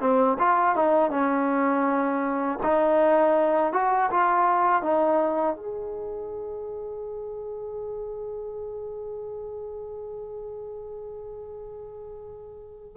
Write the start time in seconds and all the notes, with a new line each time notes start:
0.00 C4
0.38 F4
0.75 D#4
1.10 C#4
2.63 D#4
3.73 F#4
4.10 F4
4.82 D#4
5.56 G#4